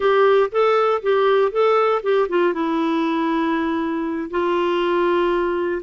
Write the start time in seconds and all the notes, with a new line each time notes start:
0.00 G4
0.51 A4
1.02 G4
1.51 A4
2.02 G4
2.28 F4
2.53 E4
4.30 F4